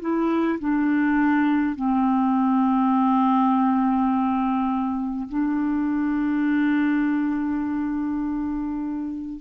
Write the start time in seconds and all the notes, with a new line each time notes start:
0.00 E4
0.59 D4
1.76 C4
5.29 D4